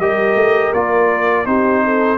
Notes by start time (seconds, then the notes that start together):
0.00 G3 G4 A#4 D#5
0.35 A3
0.73 A#3 F4 D5
1.46 C4 D#4 G4 C5
1.84 A4